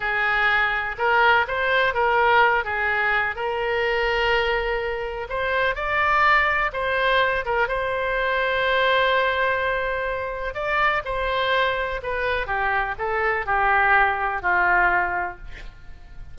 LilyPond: \new Staff \with { instrumentName = "oboe" } { \time 4/4 \tempo 4 = 125 gis'2 ais'4 c''4 | ais'4. gis'4. ais'4~ | ais'2. c''4 | d''2 c''4. ais'8 |
c''1~ | c''2 d''4 c''4~ | c''4 b'4 g'4 a'4 | g'2 f'2 | }